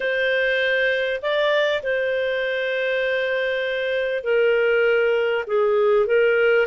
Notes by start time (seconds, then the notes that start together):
0.00 C5
1.21 D5
1.82 C5
4.23 A#4
5.47 G#4
6.06 A#4